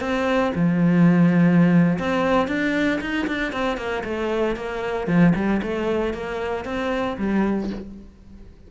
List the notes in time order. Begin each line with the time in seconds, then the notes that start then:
0.00 C4
0.55 F3
1.98 C4
2.48 D4
3.00 D#4
3.27 D4
3.52 C4
3.77 A#3
4.04 A3
4.56 A#3
5.07 F3
5.35 G3
5.62 A3
6.13 A#3
6.65 C4
7.18 G3